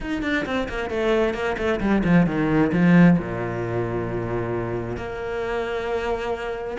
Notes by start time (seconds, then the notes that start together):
0.00 D#4
0.22 D4
0.45 C4
0.68 A#3
0.90 A3
1.33 A#3
1.57 A3
1.80 G3
2.04 F3
2.26 D#3
2.72 F3
3.18 A#2
4.96 A#3